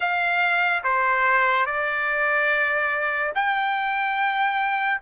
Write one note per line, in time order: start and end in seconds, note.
0.00 0.83 F5
0.83 1.66 C5
1.66 3.33 D5
3.34 5.01 G5